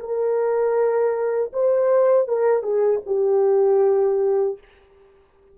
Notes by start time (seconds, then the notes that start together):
0.00 A#4
1.53 C5
2.28 A#4
2.63 G#4
3.06 G4